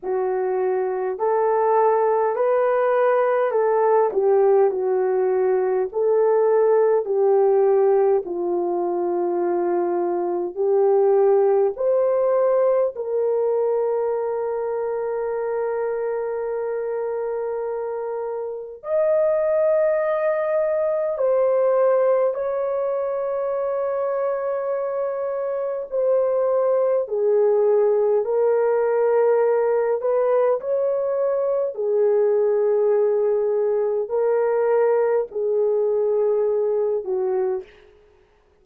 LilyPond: \new Staff \with { instrumentName = "horn" } { \time 4/4 \tempo 4 = 51 fis'4 a'4 b'4 a'8 g'8 | fis'4 a'4 g'4 f'4~ | f'4 g'4 c''4 ais'4~ | ais'1 |
dis''2 c''4 cis''4~ | cis''2 c''4 gis'4 | ais'4. b'8 cis''4 gis'4~ | gis'4 ais'4 gis'4. fis'8 | }